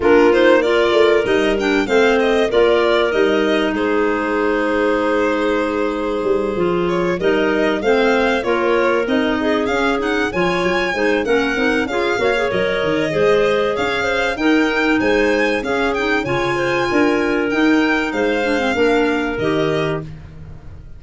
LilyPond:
<<
  \new Staff \with { instrumentName = "violin" } { \time 4/4 \tempo 4 = 96 ais'8 c''8 d''4 dis''8 g''8 f''8 dis''8 | d''4 dis''4 c''2~ | c''2. cis''8 dis''8~ | dis''8 f''4 cis''4 dis''4 f''8 |
fis''8 gis''4. fis''4 f''4 | dis''2 f''4 g''4 | gis''4 f''8 g''8 gis''2 | g''4 f''2 dis''4 | }
  \new Staff \with { instrumentName = "clarinet" } { \time 4/4 f'4 ais'2 c''4 | ais'2 gis'2~ | gis'2.~ gis'8 ais'8~ | ais'8 c''4 ais'4. gis'4~ |
gis'8 cis''4 c''8 ais'4 gis'8 cis''8~ | cis''4 c''4 cis''8 c''8 ais'4 | c''4 gis'4 cis''8 c''8 ais'4~ | ais'4 c''4 ais'2 | }
  \new Staff \with { instrumentName = "clarinet" } { \time 4/4 d'8 dis'8 f'4 dis'8 d'8 c'4 | f'4 dis'2.~ | dis'2~ dis'8 f'4 dis'8~ | dis'8 c'4 f'4 dis'4 cis'8 |
dis'8 f'4 dis'8 cis'8 dis'8 f'8 fis'16 gis'16 | ais'4 gis'2 dis'4~ | dis'4 cis'8 dis'8 f'2 | dis'4. d'16 c'16 d'4 g'4 | }
  \new Staff \with { instrumentName = "tuba" } { \time 4/4 ais4. a8 g4 a4 | ais4 g4 gis2~ | gis2 g8 f4 g8~ | g8 a4 ais4 c'4 cis'8~ |
cis'8 f8 fis8 gis8 ais8 c'8 cis'8 ais8 | fis8 dis8 gis4 cis'4 dis'4 | gis4 cis'4 cis4 d'4 | dis'4 gis4 ais4 dis4 | }
>>